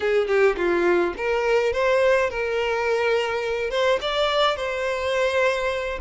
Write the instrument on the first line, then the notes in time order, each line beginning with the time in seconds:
violin
0.00 G#4
0.27 G4
0.56 F4
1.17 A#4
1.72 C5
2.30 A#4
3.70 C5
4.01 D5
4.56 C5